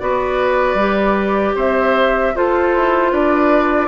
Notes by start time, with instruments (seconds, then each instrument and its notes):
0.00 bassoon B3, clarinet F#4, oboe B4, flute D5
0.75 bassoon G3, clarinet G4
1.56 bassoon C4, oboe C5, flute E5
2.35 clarinet F4, bassoon F4, oboe A4, flute C5
2.75 bassoon E4
3.12 bassoon D4, oboe B4, flute D5